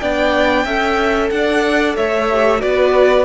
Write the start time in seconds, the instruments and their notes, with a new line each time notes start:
0.00 cello B3, viola D4, violin D5 G5
0.65 cello C#4, viola A4, violin E5
1.31 cello D4, violin D5 F#5
1.97 cello A3, violin C#5 E5
2.32 viola G4
2.60 cello B3, viola F#4, violin B4 D5